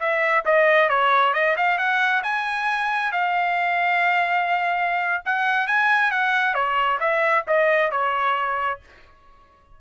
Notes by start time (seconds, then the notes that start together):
0.00 E5
0.45 D#5
0.89 C#5
1.34 D#5
1.57 F5
1.78 F#5
2.23 G#5
3.12 F5
5.25 F#5
5.67 G#5
6.11 F#5
6.54 C#5
7.00 E5
7.47 D#5
7.91 C#5